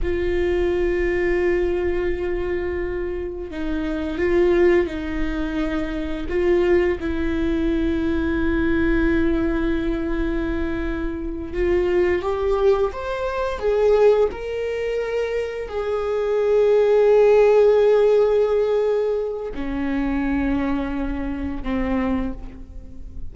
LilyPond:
\new Staff \with { instrumentName = "viola" } { \time 4/4 \tempo 4 = 86 f'1~ | f'4 dis'4 f'4 dis'4~ | dis'4 f'4 e'2~ | e'1~ |
e'8 f'4 g'4 c''4 gis'8~ | gis'8 ais'2 gis'4.~ | gis'1 | cis'2. c'4 | }